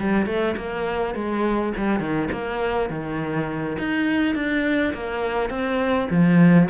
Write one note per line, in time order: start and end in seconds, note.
0.00 0.26 G3
0.26 0.56 A3
0.57 1.15 A#3
1.15 1.73 G#3
1.77 2.00 G3
2.00 2.29 D#3
2.32 2.90 A#3
2.90 3.78 D#3
3.79 4.35 D#4
4.35 4.94 D4
4.94 5.50 A#3
5.50 6.08 C4
6.10 6.69 F3